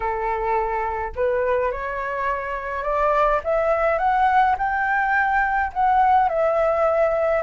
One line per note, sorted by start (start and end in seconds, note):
0.00 1.12 A4
1.15 1.71 B4
1.71 2.83 C#5
2.83 3.40 D5
3.44 3.98 E5
3.98 4.55 F#5
4.57 5.72 G5
5.73 6.29 F#5
6.29 7.42 E5